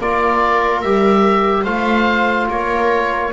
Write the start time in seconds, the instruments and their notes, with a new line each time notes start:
0.00 double bass A#3, trombone F4, viola A#4, oboe D5
0.82 double bass G3, trombone G4, oboe E5
1.63 double bass A3, trombone F4, viola C5, oboe F5
2.49 double bass A#3, viola A#4, oboe C#5